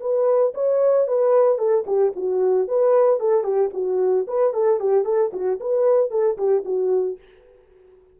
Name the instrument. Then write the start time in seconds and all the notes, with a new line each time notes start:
horn
0.00 B4
0.54 C#5
1.07 B4
1.58 A4
1.86 G4
2.16 F#4
2.68 B4
3.20 A4
3.43 G4
3.73 F#4
4.27 B4
4.53 A4
4.80 G4
5.04 A4
5.33 F#4
5.60 B4
6.10 A4
6.37 G4
6.65 F#4